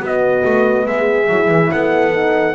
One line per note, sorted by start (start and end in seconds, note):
0.00 1.27 B3
0.00 0.42 B3
0.00 0.85 F#4
0.00 0.87 D#5
0.45 0.86 A3
0.86 1.28 G#3
0.86 1.71 G#4
0.86 1.72 E5
1.28 1.48 F#3
1.28 2.12 E4
1.48 1.69 E3
1.72 2.55 B3
1.72 2.55 A4
1.72 2.55 F#5
2.12 2.54 D#4